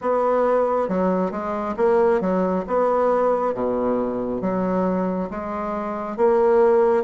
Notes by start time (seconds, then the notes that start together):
0.01 B3
0.88 F#3
1.31 G#3
1.76 A#3
2.21 F#3
2.67 B3
3.54 B2
4.41 F#3
5.30 G#3
6.16 A#3